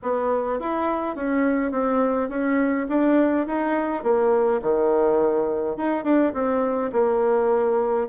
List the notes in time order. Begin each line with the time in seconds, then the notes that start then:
0.02 B3
0.59 E4
1.15 C#4
1.72 C4
2.29 C#4
2.88 D4
3.46 D#4
4.03 A#3
4.62 D#3
5.76 D#4
6.03 D4
6.33 C4
6.92 A#3